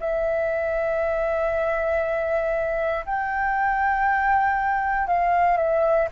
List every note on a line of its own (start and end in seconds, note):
0.00 3.05 E5
3.06 5.07 G5
5.07 5.57 F5
5.57 6.08 E5